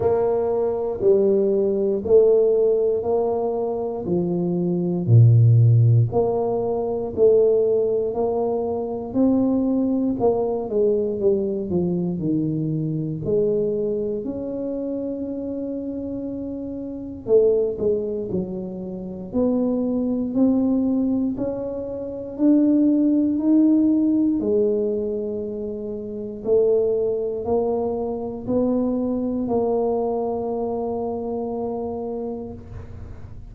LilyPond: \new Staff \with { instrumentName = "tuba" } { \time 4/4 \tempo 4 = 59 ais4 g4 a4 ais4 | f4 ais,4 ais4 a4 | ais4 c'4 ais8 gis8 g8 f8 | dis4 gis4 cis'2~ |
cis'4 a8 gis8 fis4 b4 | c'4 cis'4 d'4 dis'4 | gis2 a4 ais4 | b4 ais2. | }